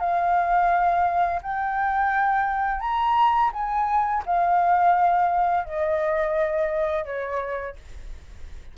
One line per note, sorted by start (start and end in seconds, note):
0.00 1.41 F5
1.42 2.80 G5
2.80 3.51 A#5
3.53 4.24 G#5
4.26 5.65 F5
5.65 7.06 D#5
7.06 7.76 C#5